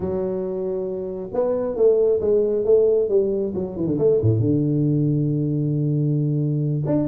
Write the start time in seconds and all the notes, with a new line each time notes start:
0.00 F#3
1.33 B3
1.76 A3
2.21 G#3
2.64 A3
3.09 G3
3.54 F#3
3.76 E3
3.86 D3
3.98 A3
4.21 A2
4.39 D3
6.86 D4